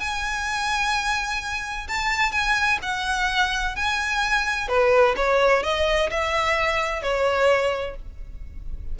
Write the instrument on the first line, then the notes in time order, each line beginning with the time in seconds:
violin
0.00 G#5
1.89 A5
2.32 G#5
2.83 F#5
3.76 G#5
4.69 B4
5.16 C#5
5.63 D#5
6.11 E5
7.02 C#5